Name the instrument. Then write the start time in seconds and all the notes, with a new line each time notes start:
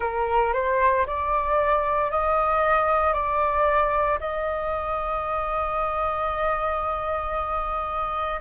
flute
0.00 A#4
0.53 C5
1.06 D5
2.11 D#5
3.13 D5
4.20 D#5